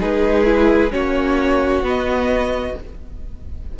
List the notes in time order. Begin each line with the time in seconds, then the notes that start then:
0.00 G#3 D#4 G#4 B4
0.45 E4
0.91 A#3 C#4 F#4 C#5
1.82 B3 D#5